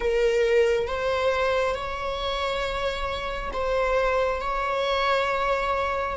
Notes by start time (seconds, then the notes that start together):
0.00 A#4
0.87 C5
1.74 C#5
3.53 C5
4.40 C#5